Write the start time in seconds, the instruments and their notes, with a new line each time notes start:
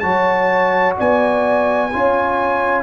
0.00 tuba F#3, trombone F#4, horn C#5, trumpet A5
0.98 tuba B3, horn D5, trumpet G#5
1.93 tuba C#4, trombone F4, horn C#5